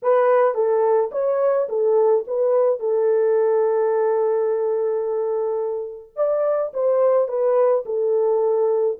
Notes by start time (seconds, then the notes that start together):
0.02 B4
0.54 A4
1.11 C#5
1.68 A4
2.27 B4
2.79 A4
6.16 D5
6.73 C5
7.28 B4
7.85 A4